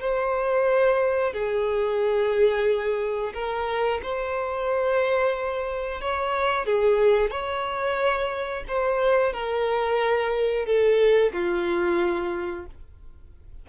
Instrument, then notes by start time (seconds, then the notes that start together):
violin
0.00 C5
1.33 G#4
3.34 A#4
4.02 C5
6.01 C#5
6.66 G#4
7.30 C#5
8.68 C5
9.33 A#4
10.65 A4
11.32 F4